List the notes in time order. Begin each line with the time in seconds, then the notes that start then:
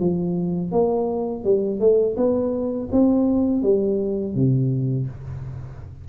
0.00 F3
0.72 A#3
1.44 G3
1.80 A3
2.17 B3
2.92 C4
3.62 G3
4.35 C3